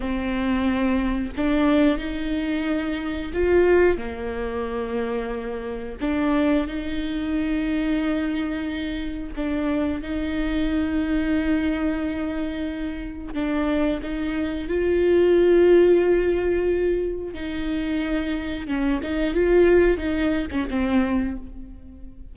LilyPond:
\new Staff \with { instrumentName = "viola" } { \time 4/4 \tempo 4 = 90 c'2 d'4 dis'4~ | dis'4 f'4 ais2~ | ais4 d'4 dis'2~ | dis'2 d'4 dis'4~ |
dis'1 | d'4 dis'4 f'2~ | f'2 dis'2 | cis'8 dis'8 f'4 dis'8. cis'16 c'4 | }